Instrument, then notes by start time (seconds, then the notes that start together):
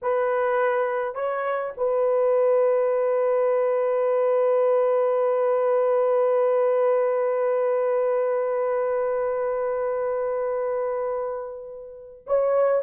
horn
0.02 B4
1.15 C#5
1.77 B4
12.26 C#5